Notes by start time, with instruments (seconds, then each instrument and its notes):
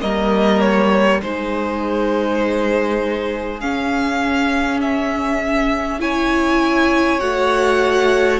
0.00 cello G3, viola A#3, violin A#4 D#5
0.61 violin C#5
1.22 cello G#3, viola D#4, violin G#4 C5
3.60 viola C#4, cello C#4, violin F5
4.81 violin E5
6.00 viola E4, violin C#5 G#5
7.20 cello A3, viola F#4, violin F#5